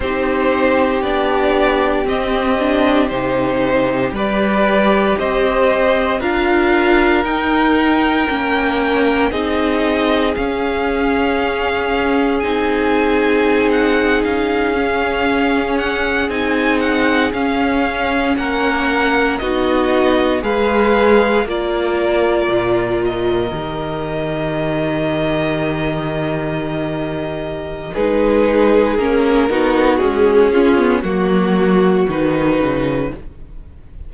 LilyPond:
<<
  \new Staff \with { instrumentName = "violin" } { \time 4/4 \tempo 4 = 58 c''4 d''4 dis''4 c''4 | d''4 dis''4 f''4 g''4~ | g''4 dis''4 f''2 | gis''4~ gis''16 fis''8 f''4. fis''8 gis''16~ |
gis''16 fis''8 f''4 fis''4 dis''4 f''16~ | f''8. d''4. dis''4.~ dis''16~ | dis''2. b'4 | ais'4 gis'4 fis'4 b'4 | }
  \new Staff \with { instrumentName = "violin" } { \time 4/4 g'1 | b'4 c''4 ais'2~ | ais'4 gis'2.~ | gis'1~ |
gis'4.~ gis'16 ais'4 fis'4 b'16~ | b'8. ais'2.~ ais'16~ | ais'2. gis'4~ | gis'8 fis'4 f'8 fis'2 | }
  \new Staff \with { instrumentName = "viola" } { \time 4/4 dis'4 d'4 c'8 d'8 dis'4 | g'2 f'4 dis'4 | cis'4 dis'4 cis'2 | dis'2~ dis'16 cis'4. dis'16~ |
dis'8. cis'2 dis'4 gis'16~ | gis'8. f'2 g'4~ g'16~ | g'2. dis'4 | cis'8 dis'8 gis8 cis'16 b16 ais4 dis'4 | }
  \new Staff \with { instrumentName = "cello" } { \time 4/4 c'4 b4 c'4 c4 | g4 c'4 d'4 dis'4 | ais4 c'4 cis'2 | c'4.~ c'16 cis'2 c'16~ |
c'8. cis'4 ais4 b4 gis16~ | gis8. ais4 ais,4 dis4~ dis16~ | dis2. gis4 | ais8 b8 cis'4 fis4 dis8 cis8 | }
>>